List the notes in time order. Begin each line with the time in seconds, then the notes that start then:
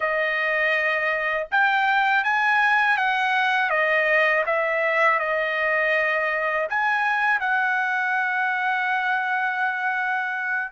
0.00 D#5
1.51 G5
2.24 G#5
2.97 F#5
3.69 D#5
4.45 E5
5.19 D#5
6.69 G#5
7.39 F#5